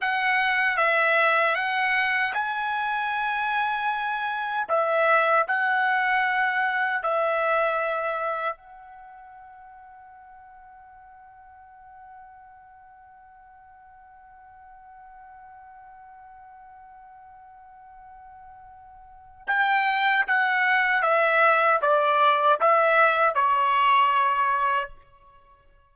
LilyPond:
\new Staff \with { instrumentName = "trumpet" } { \time 4/4 \tempo 4 = 77 fis''4 e''4 fis''4 gis''4~ | gis''2 e''4 fis''4~ | fis''4 e''2 fis''4~ | fis''1~ |
fis''1~ | fis''1~ | fis''4 g''4 fis''4 e''4 | d''4 e''4 cis''2 | }